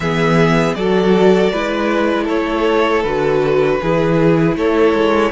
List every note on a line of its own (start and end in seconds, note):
0.00 0.74 E3
0.00 0.77 B3
0.00 0.76 G#4
0.00 0.74 E5
0.74 1.51 F#3
0.74 1.53 F#4
0.74 1.52 A4
0.74 2.26 D5
1.52 2.28 G#3
1.52 3.05 E4
1.52 2.24 B4
2.24 3.04 A3
2.24 3.76 A4
2.24 3.03 C#5
3.03 3.80 D3
3.03 3.81 F#4
3.03 4.54 B4
3.81 4.56 E3
3.81 5.31 E4
3.81 4.57 G#4
4.56 4.93 A3
4.56 5.31 A4
4.56 5.31 C#5
4.93 5.31 G#3